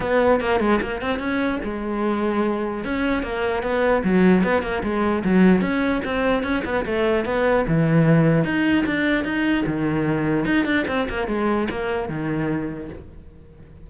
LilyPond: \new Staff \with { instrumentName = "cello" } { \time 4/4 \tempo 4 = 149 b4 ais8 gis8 ais8 c'8 cis'4 | gis2. cis'4 | ais4 b4 fis4 b8 ais8 | gis4 fis4 cis'4 c'4 |
cis'8 b8 a4 b4 e4~ | e4 dis'4 d'4 dis'4 | dis2 dis'8 d'8 c'8 ais8 | gis4 ais4 dis2 | }